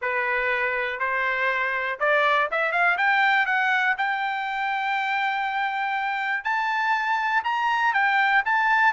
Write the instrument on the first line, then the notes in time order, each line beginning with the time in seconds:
trumpet
0.01 B4
0.99 C5
1.99 D5
2.51 E5
2.71 F5
2.97 G5
3.46 F#5
3.97 G5
6.44 A5
7.44 A#5
7.93 G5
8.45 A5